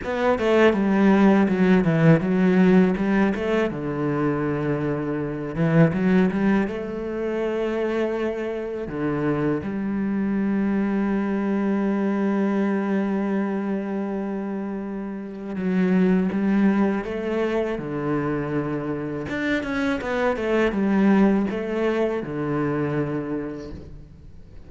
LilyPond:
\new Staff \with { instrumentName = "cello" } { \time 4/4 \tempo 4 = 81 b8 a8 g4 fis8 e8 fis4 | g8 a8 d2~ d8 e8 | fis8 g8 a2. | d4 g2.~ |
g1~ | g4 fis4 g4 a4 | d2 d'8 cis'8 b8 a8 | g4 a4 d2 | }